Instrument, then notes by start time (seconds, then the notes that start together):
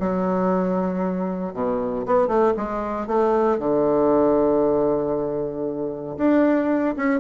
bassoon
0.00 F#3
1.54 B2
2.06 B3
2.28 A3
2.57 G#3
3.07 A3
3.59 D3
6.18 D4
6.97 C#4